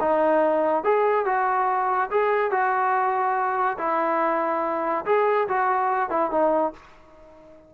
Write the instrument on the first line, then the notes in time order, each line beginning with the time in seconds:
trombone
0.00 D#4
0.84 G#4
1.25 F#4
2.11 G#4
2.51 F#4
3.78 E4
5.06 G#4
5.48 F#4
6.10 E4
6.31 D#4